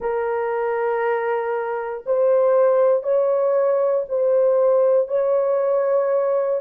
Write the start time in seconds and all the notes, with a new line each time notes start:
0.00 A#4
2.06 C5
3.03 C#5
4.09 C5
5.08 C#5